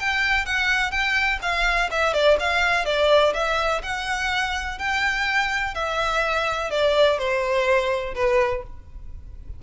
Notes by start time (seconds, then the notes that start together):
0.00 G5
0.46 F#5
0.91 G5
1.42 F5
1.91 E5
2.14 D5
2.40 F5
2.86 D5
3.34 E5
3.83 F#5
4.79 G5
5.74 E5
6.71 D5
7.19 C5
8.15 B4